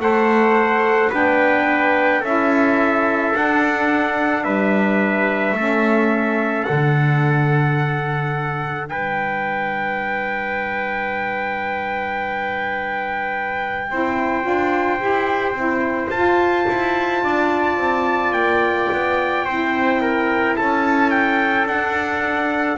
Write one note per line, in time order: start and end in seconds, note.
0.00 1.11 A3
0.00 1.12 A4
0.00 1.10 C5
0.00 1.13 F#5
1.10 2.23 B3
1.10 2.23 D4
1.10 2.21 B4
1.10 2.25 G5
2.21 3.34 C#4
2.21 3.33 E4
2.21 4.43 A4
2.21 3.36 E5
3.33 5.55 D4
3.33 4.46 D4
3.33 4.44 F#5
4.44 5.53 G3
4.44 5.56 B4
4.44 6.65 E5
5.53 6.64 A3
5.53 6.68 C#4
5.53 8.90 A4
6.65 8.91 D3
6.65 13.90 D4
6.65 8.87 F#5
8.89 13.91 G3
8.89 13.91 B4
8.89 16.11 G5
13.90 14.46 C4
13.90 14.43 E4
13.90 17.24 C5
14.43 15.01 D4
14.43 14.98 F4
15.00 15.53 E4
15.00 15.56 G4
15.53 16.08 C4
15.53 16.11 E4
16.11 16.66 F4
16.11 19.47 F4
16.11 18.33 A5
16.69 17.24 E4
17.24 17.78 D4
17.24 19.46 D5
17.78 18.33 C4
18.33 18.89 A#3
18.33 20.55 G5
18.93 19.47 B3
19.46 20.58 C4
19.46 21.68 E4
19.46 20.01 C5
20.02 20.57 A#4
20.57 21.66 C#4
20.57 22.78 A4
20.57 21.11 A5
21.11 21.66 G5
21.66 22.77 D4
21.66 22.78 D4
21.66 22.78 F#5